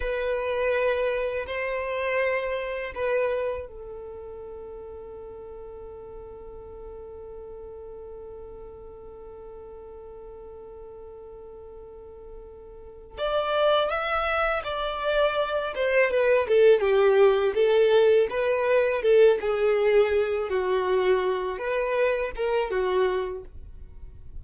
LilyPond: \new Staff \with { instrumentName = "violin" } { \time 4/4 \tempo 4 = 82 b'2 c''2 | b'4 a'2.~ | a'1~ | a'1~ |
a'2 d''4 e''4 | d''4. c''8 b'8 a'8 g'4 | a'4 b'4 a'8 gis'4. | fis'4. b'4 ais'8 fis'4 | }